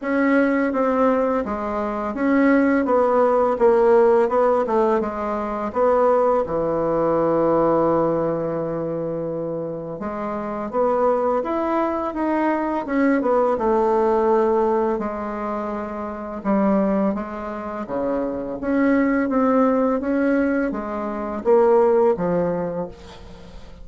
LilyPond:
\new Staff \with { instrumentName = "bassoon" } { \time 4/4 \tempo 4 = 84 cis'4 c'4 gis4 cis'4 | b4 ais4 b8 a8 gis4 | b4 e2.~ | e2 gis4 b4 |
e'4 dis'4 cis'8 b8 a4~ | a4 gis2 g4 | gis4 cis4 cis'4 c'4 | cis'4 gis4 ais4 f4 | }